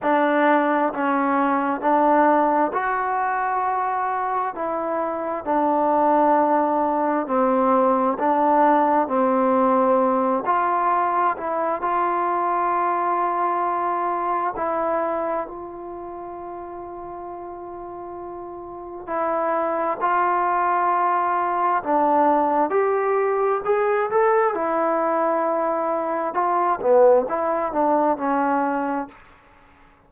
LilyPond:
\new Staff \with { instrumentName = "trombone" } { \time 4/4 \tempo 4 = 66 d'4 cis'4 d'4 fis'4~ | fis'4 e'4 d'2 | c'4 d'4 c'4. f'8~ | f'8 e'8 f'2. |
e'4 f'2.~ | f'4 e'4 f'2 | d'4 g'4 gis'8 a'8 e'4~ | e'4 f'8 b8 e'8 d'8 cis'4 | }